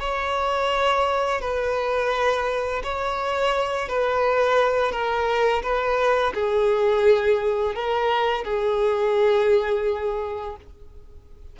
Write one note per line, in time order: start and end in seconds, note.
0.00 1.41 C#5
1.41 2.82 B4
2.84 3.89 C#5
3.89 4.92 B4
4.92 5.62 A#4
5.62 6.33 B4
6.34 7.75 G#4
7.75 8.44 A#4
8.44 10.56 G#4